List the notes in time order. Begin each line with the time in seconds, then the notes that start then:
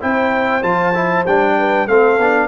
0.00 C4 E4 C5 G5
0.62 F3 F4 A5
0.94 E4
1.26 G3 D4 G5
1.58 B4
1.87 A3 C4 A4 F5
2.18 B3 D4